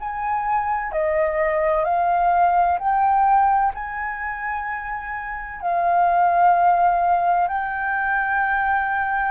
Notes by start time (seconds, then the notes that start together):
0.00 G#5
0.92 D#5
1.85 F5
2.79 G5
3.74 G#5
5.61 F5
7.48 G5